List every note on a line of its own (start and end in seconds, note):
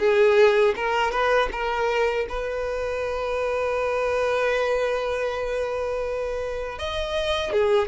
0.00 0.75 G#4
0.76 1.12 A#4
1.12 1.49 B4
1.52 2.27 A#4
2.29 6.79 B4
6.79 7.53 D#5
7.53 7.89 G#4